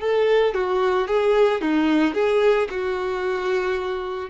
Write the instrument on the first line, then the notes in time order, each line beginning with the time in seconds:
violin
0.00 A4
0.54 F#4
1.07 G#4
1.61 D#4
2.14 G#4
2.70 F#4